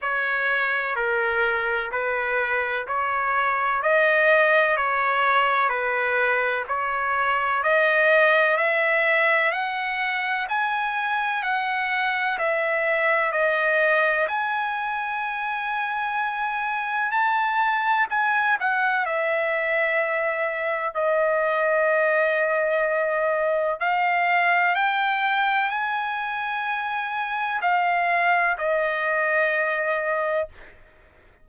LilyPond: \new Staff \with { instrumentName = "trumpet" } { \time 4/4 \tempo 4 = 63 cis''4 ais'4 b'4 cis''4 | dis''4 cis''4 b'4 cis''4 | dis''4 e''4 fis''4 gis''4 | fis''4 e''4 dis''4 gis''4~ |
gis''2 a''4 gis''8 fis''8 | e''2 dis''2~ | dis''4 f''4 g''4 gis''4~ | gis''4 f''4 dis''2 | }